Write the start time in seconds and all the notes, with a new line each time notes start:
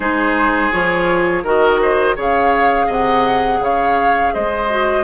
0.00 G#3 D#4 G#4 C5
0.71 F3 F4 C#5
1.43 D#3 F#4 A#4 D#5
1.81 C5
2.15 C#3 G#4 C#5 F5
2.86 C3 D#5 F#5
3.59 C#3 C#5 F5
4.33 G#3 C5 D#5
4.69 F#4